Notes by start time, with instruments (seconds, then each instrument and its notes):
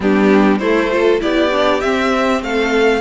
0.00 cello G3, viola B3, violin D4 G4
0.58 viola A3, cello A3, violin E4 C5
0.90 viola F4, violin A4
1.20 cello B3, viola E4, violin G4 D5
1.51 viola D4
1.80 viola C4, cello C4, violin E5
2.42 cello A3, violin A4 F5